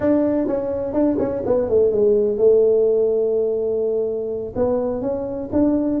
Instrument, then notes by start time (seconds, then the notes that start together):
tuba
0.00 D4
0.47 C#4
0.93 D4
1.18 C#4
1.46 B3
1.69 A3
1.91 G#3
2.37 A3
4.55 B3
5.01 C#4
5.52 D4